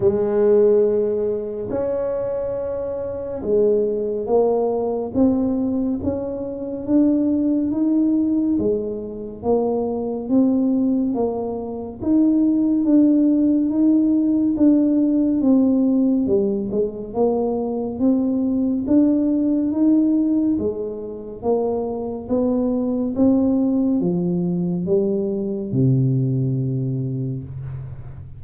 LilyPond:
\new Staff \with { instrumentName = "tuba" } { \time 4/4 \tempo 4 = 70 gis2 cis'2 | gis4 ais4 c'4 cis'4 | d'4 dis'4 gis4 ais4 | c'4 ais4 dis'4 d'4 |
dis'4 d'4 c'4 g8 gis8 | ais4 c'4 d'4 dis'4 | gis4 ais4 b4 c'4 | f4 g4 c2 | }